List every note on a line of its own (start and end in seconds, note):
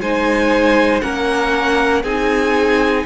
0.00 1.02 G#3
0.00 1.01 D#4
0.00 1.03 C5
0.00 1.01 G#5
1.01 2.03 A#3
1.01 2.03 C#4
1.01 2.03 A#4
1.01 2.02 F#5
2.03 3.05 C4
2.03 3.06 D#4
2.03 3.05 G#4
2.03 3.06 G#5